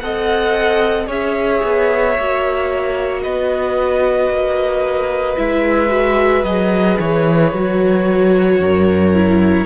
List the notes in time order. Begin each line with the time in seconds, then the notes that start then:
0.00 C4 A4 D#5 F#5
1.08 C#4 G#4 C#5 E5
1.64 B3
2.19 A#3 F#4
3.23 B3 B4 D#5
4.30 A#3
5.37 G#3 E4 E5
5.89 F#4
6.44 F#3 G#4 D#5
7.00 E3 C#5
7.53 F#3 F#4
8.61 F#2 A#4
9.15 E4